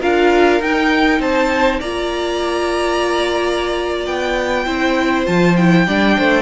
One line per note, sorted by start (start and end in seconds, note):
0.00 0.60 D4
0.00 0.60 F4
0.00 1.20 A#4
0.00 0.61 F5
0.60 1.19 D#4
0.60 1.82 D#4
0.60 1.21 G5
1.19 1.79 C4
1.19 1.79 C5
1.19 1.80 A5
1.79 4.06 A#3
1.79 4.66 F4
1.79 4.64 D5
1.79 4.05 A#5
4.05 4.66 B3
4.05 5.25 G5
4.66 5.26 C4
4.66 5.25 E4
4.66 5.86 C5
5.25 5.87 F3
5.25 5.55 F4
5.25 5.56 A5
5.56 5.87 E4
5.56 6.42 G5
5.86 6.17 G3
5.86 6.42 D4
5.86 6.16 D5
6.17 6.42 A3
6.17 6.42 C5